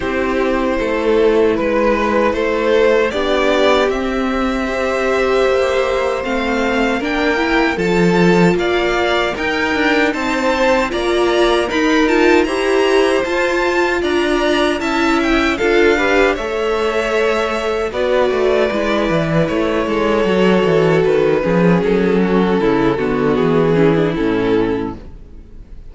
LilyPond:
<<
  \new Staff \with { instrumentName = "violin" } { \time 4/4 \tempo 4 = 77 c''2 b'4 c''4 | d''4 e''2. | f''4 g''4 a''4 f''4 | g''4 a''4 ais''4 b''8 a''8 |
ais''4 a''4 ais''4 a''8 g''8 | f''4 e''2 d''4~ | d''4 cis''2 b'4 | a'2 gis'4 a'4 | }
  \new Staff \with { instrumentName = "violin" } { \time 4/4 g'4 a'4 b'4 a'4 | g'2 c''2~ | c''4 ais'4 a'4 d''4 | ais'4 c''4 d''4 ais'4 |
c''2 d''4 e''4 | a'8 b'8 cis''2 b'4~ | b'4. a'2 gis'8~ | gis'8 fis'8 e'8 fis'4 e'4. | }
  \new Staff \with { instrumentName = "viola" } { \time 4/4 e'1 | d'4 c'4 g'2 | c'4 d'8 e'8 f'2 | dis'2 f'4 dis'8 f'8 |
g'4 f'2 e'4 | f'8 g'8 a'2 fis'4 | e'2 fis'4. cis'8~ | cis'4. b4 cis'16 d'16 cis'4 | }
  \new Staff \with { instrumentName = "cello" } { \time 4/4 c'4 a4 gis4 a4 | b4 c'2 ais4 | a4 ais4 f4 ais4 | dis'8 d'8 c'4 ais4 dis'4 |
e'4 f'4 d'4 cis'4 | d'4 a2 b8 a8 | gis8 e8 a8 gis8 fis8 e8 dis8 f8 | fis4 cis8 d8 e4 a,4 | }
>>